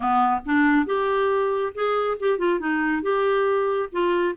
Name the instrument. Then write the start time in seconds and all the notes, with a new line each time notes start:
clarinet
0.00 B3
0.45 D4
0.86 G4
1.74 G#4
2.19 G4
2.38 F4
2.59 D#4
3.02 G4
3.92 F4